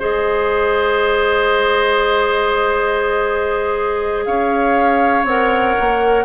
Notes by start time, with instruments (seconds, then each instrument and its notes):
0.00 bassoon G#3, clarinet G#4, oboe C5, flute D#5
4.26 bassoon C#4, oboe C#5, flute F5
5.25 bassoon C4, clarinet A#4, flute F#5
5.80 bassoon A#3